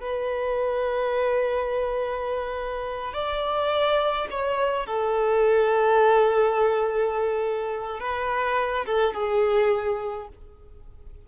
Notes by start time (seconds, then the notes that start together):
0.00 B4
3.13 D5
4.30 C#5
4.86 A4
8.00 B4
8.86 A4
9.14 G#4